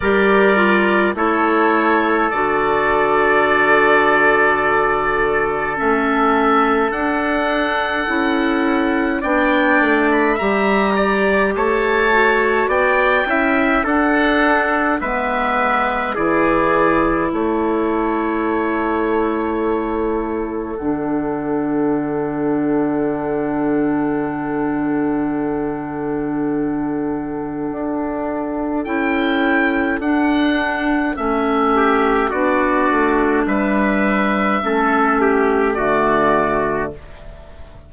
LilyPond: <<
  \new Staff \with { instrumentName = "oboe" } { \time 4/4 \tempo 4 = 52 d''4 cis''4 d''2~ | d''4 e''4 fis''2 | g''8. b''16 ais''4 a''4 g''4 | fis''4 e''4 d''4 cis''4~ |
cis''2 fis''2~ | fis''1~ | fis''4 g''4 fis''4 e''4 | d''4 e''2 d''4 | }
  \new Staff \with { instrumentName = "trumpet" } { \time 4/4 ais'4 a'2.~ | a'1 | d''4 e''8 d''8 cis''4 d''8 e''8 | a'4 b'4 gis'4 a'4~ |
a'1~ | a'1~ | a'2.~ a'8 g'8 | fis'4 b'4 a'8 g'8 fis'4 | }
  \new Staff \with { instrumentName = "clarinet" } { \time 4/4 g'8 f'8 e'4 fis'2~ | fis'4 cis'4 d'4 e'4 | d'4 g'4. fis'4 e'8 | d'4 b4 e'2~ |
e'2 d'2~ | d'1~ | d'4 e'4 d'4 cis'4 | d'2 cis'4 a4 | }
  \new Staff \with { instrumentName = "bassoon" } { \time 4/4 g4 a4 d2~ | d4 a4 d'4 cis'4 | b8 a8 g4 a4 b8 cis'8 | d'4 gis4 e4 a4~ |
a2 d2~ | d1 | d'4 cis'4 d'4 a4 | b8 a8 g4 a4 d4 | }
>>